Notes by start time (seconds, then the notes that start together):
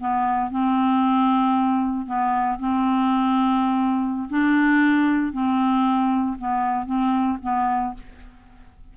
0.00 B3
0.51 C4
2.06 B3
2.59 C4
4.29 D4
5.33 C4
6.38 B3
6.86 C4
7.42 B3